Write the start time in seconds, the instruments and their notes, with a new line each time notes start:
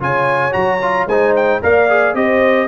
0.00 tuba C#3, trombone F4, horn C#5, trumpet G#5
0.51 tuba F#3, trombone F#4, trumpet A#5
0.82 trombone F4
1.06 tuba G#3, trombone D#4, horn C5, trumpet G#5
1.36 trumpet G5
1.62 tuba A#3, trombone A#4, horn D5, trumpet F5
1.89 trombone G#4
2.14 tuba C4, trombone G4, horn C5, trumpet D#5